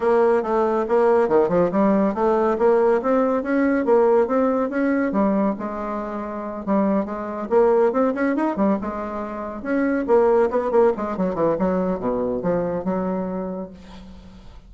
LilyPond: \new Staff \with { instrumentName = "bassoon" } { \time 4/4 \tempo 4 = 140 ais4 a4 ais4 dis8 f8 | g4 a4 ais4 c'4 | cis'4 ais4 c'4 cis'4 | g4 gis2~ gis8 g8~ |
g8 gis4 ais4 c'8 cis'8 dis'8 | g8 gis2 cis'4 ais8~ | ais8 b8 ais8 gis8 fis8 e8 fis4 | b,4 f4 fis2 | }